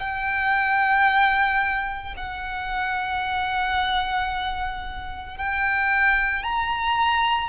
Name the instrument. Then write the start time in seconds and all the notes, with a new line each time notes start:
violin
0.00 G5
2.17 F#5
5.37 G5
6.43 A#5